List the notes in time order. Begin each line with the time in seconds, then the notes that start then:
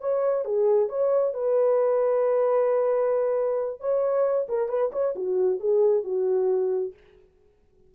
0.00 C#5
0.45 G#4
0.89 C#5
1.34 B4
3.80 C#5
4.48 A#4
4.69 B4
4.92 C#5
5.15 F#4
5.60 G#4
6.04 F#4